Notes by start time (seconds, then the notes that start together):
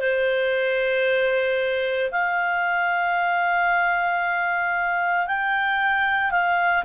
0.00 C5
2.11 F5
5.27 G5
6.32 F5